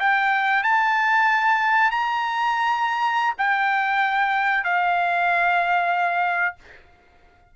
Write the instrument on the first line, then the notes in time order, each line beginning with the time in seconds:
trumpet
0.00 G5
0.63 A5
1.91 A#5
3.38 G5
4.64 F5